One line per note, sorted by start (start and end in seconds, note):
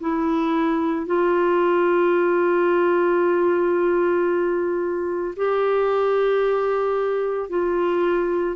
0.00 1.06 E4
1.06 5.35 F4
5.36 7.49 G4
7.49 8.56 F4